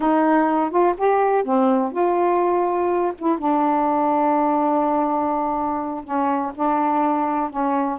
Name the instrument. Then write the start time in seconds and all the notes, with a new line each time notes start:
saxophone
0.00 D#4
0.70 F4
0.97 G4
1.44 C4
1.91 F4
3.18 E4
3.38 D4
6.04 C#4
6.54 D4
7.50 C#4